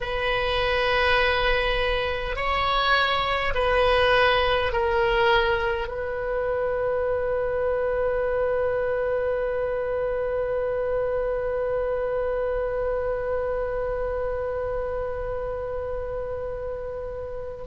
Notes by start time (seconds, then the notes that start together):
0.00 B4
2.35 C#5
3.54 B4
4.72 A#4
5.87 B4